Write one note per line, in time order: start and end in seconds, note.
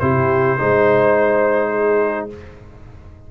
0.00 0.59 C3
0.00 0.59 E4
0.00 0.60 G4
0.00 2.29 C5
0.59 2.32 G#3
0.59 2.30 D#4
0.59 1.71 C5
1.71 2.28 G#4